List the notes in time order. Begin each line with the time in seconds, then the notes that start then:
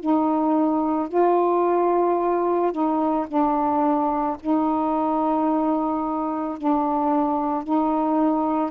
0.00 D#4
1.09 F4
2.72 D#4
3.27 D4
4.40 D#4
6.58 D4
7.64 D#4